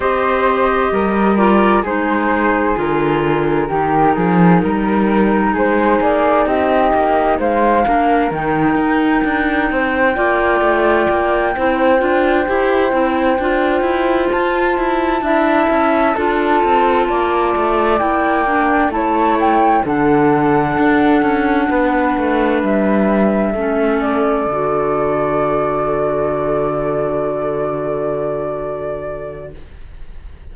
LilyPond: <<
  \new Staff \with { instrumentName = "flute" } { \time 4/4 \tempo 4 = 65 dis''4. d''8 c''4 ais'4~ | ais'2 c''8 d''8 dis''4 | f''4 g''2.~ | g''2.~ g''8 a''8~ |
a''2.~ a''8 g''8~ | g''8 a''8 g''8 fis''2~ fis''8~ | fis''8 e''4. d''2~ | d''1 | }
  \new Staff \with { instrumentName = "flute" } { \time 4/4 c''4 ais'4 gis'2 | g'8 gis'8 ais'4 gis'4 g'4 | c''8 ais'2 c''8 d''4~ | d''8 c''2.~ c''8~ |
c''8 e''4 a'4 d''4.~ | d''8 cis''4 a'2 b'8~ | b'4. a'2~ a'8~ | a'1 | }
  \new Staff \with { instrumentName = "clarinet" } { \time 4/4 g'4. f'8 dis'4 f'4 | dis'1~ | dis'8 d'8 dis'2 f'4~ | f'8 e'8 f'8 g'8 e'8 f'4.~ |
f'8 e'4 f'2 e'8 | d'8 e'4 d'2~ d'8~ | d'4. cis'4 fis'4.~ | fis'1 | }
  \new Staff \with { instrumentName = "cello" } { \time 4/4 c'4 g4 gis4 d4 | dis8 f8 g4 gis8 ais8 c'8 ais8 | gis8 ais8 dis8 dis'8 d'8 c'8 ais8 a8 | ais8 c'8 d'8 e'8 c'8 d'8 e'8 f'8 |
e'8 d'8 cis'8 d'8 c'8 ais8 a8 ais8~ | ais8 a4 d4 d'8 cis'8 b8 | a8 g4 a4 d4.~ | d1 | }
>>